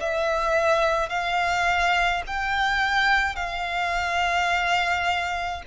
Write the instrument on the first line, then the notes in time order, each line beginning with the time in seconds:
violin
0.00 E5
1.10 F5
2.27 G5
3.36 F5